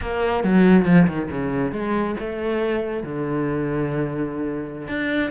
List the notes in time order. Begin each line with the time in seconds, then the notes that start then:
0.01 A#3
0.43 F#3
0.85 F3
1.07 D#3
1.30 C#3
1.72 G#3
2.19 A3
3.03 D3
4.88 D4